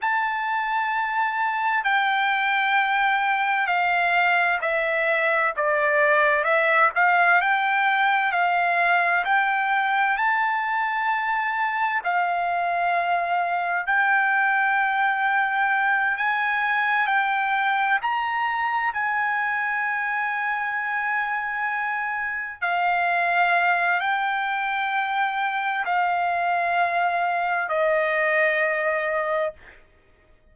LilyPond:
\new Staff \with { instrumentName = "trumpet" } { \time 4/4 \tempo 4 = 65 a''2 g''2 | f''4 e''4 d''4 e''8 f''8 | g''4 f''4 g''4 a''4~ | a''4 f''2 g''4~ |
g''4. gis''4 g''4 ais''8~ | ais''8 gis''2.~ gis''8~ | gis''8 f''4. g''2 | f''2 dis''2 | }